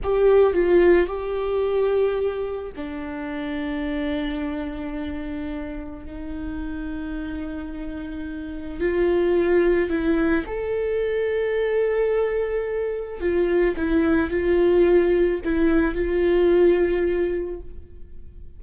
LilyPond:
\new Staff \with { instrumentName = "viola" } { \time 4/4 \tempo 4 = 109 g'4 f'4 g'2~ | g'4 d'2.~ | d'2. dis'4~ | dis'1 |
f'2 e'4 a'4~ | a'1 | f'4 e'4 f'2 | e'4 f'2. | }